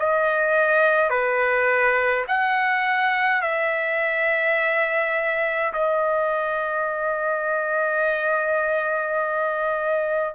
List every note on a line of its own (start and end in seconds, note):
0.00 1.10 D#5
1.10 2.26 B4
2.28 3.42 F#5
3.42 5.73 E5
5.74 10.35 D#5